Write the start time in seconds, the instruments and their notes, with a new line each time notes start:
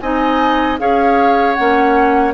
0.00 bassoon C4, clarinet D#4, oboe D#5, flute G#5
0.78 bassoon C#4, clarinet G#4, oboe C#5, flute F5
1.54 bassoon A#3, clarinet C#4, flute F#5